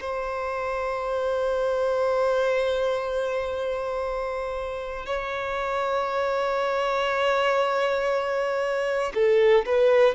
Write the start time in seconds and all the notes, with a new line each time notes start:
0.00 C5
5.06 C#5
9.14 A4
9.65 B4